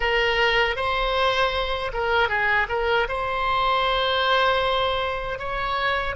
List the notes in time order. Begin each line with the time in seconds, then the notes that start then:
0.00 A#4
0.76 C5
1.93 A#4
2.28 G#4
2.69 A#4
3.08 C5
5.38 C#5